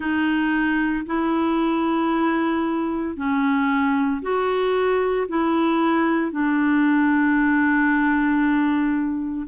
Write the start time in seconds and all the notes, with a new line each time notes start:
0.00 D#4
1.05 E4
3.16 C#4
4.22 F#4
5.28 E4
6.31 D4